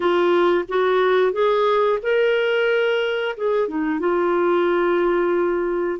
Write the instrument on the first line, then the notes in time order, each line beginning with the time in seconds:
clarinet
0.00 F4
0.68 F#4
1.32 G#4
2.02 A#4
3.36 G#4
3.68 D#4
3.99 F4